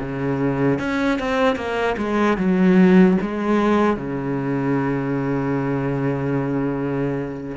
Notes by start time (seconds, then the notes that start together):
0.00 C#3
0.79 C#4
1.19 C4
1.56 A#3
1.98 G#3
2.38 F#3
3.22 G#3
3.97 C#3